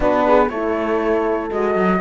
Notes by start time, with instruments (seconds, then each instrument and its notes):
0.00 cello B3, horn D4 F#4, flute B4
0.27 horn G#4
0.49 cello A3, horn E4 A4, flute C#5
1.51 cello G#3, horn F#4, flute D#5
1.75 cello F#3